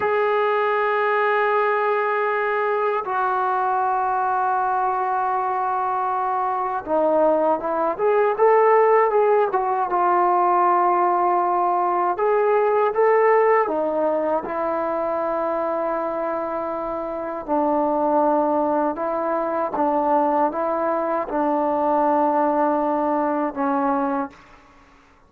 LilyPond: \new Staff \with { instrumentName = "trombone" } { \time 4/4 \tempo 4 = 79 gis'1 | fis'1~ | fis'4 dis'4 e'8 gis'8 a'4 | gis'8 fis'8 f'2. |
gis'4 a'4 dis'4 e'4~ | e'2. d'4~ | d'4 e'4 d'4 e'4 | d'2. cis'4 | }